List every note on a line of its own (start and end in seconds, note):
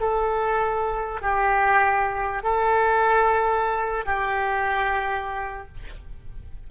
0.00 1.21 A4
1.21 2.43 G4
2.43 4.05 A4
4.05 5.67 G4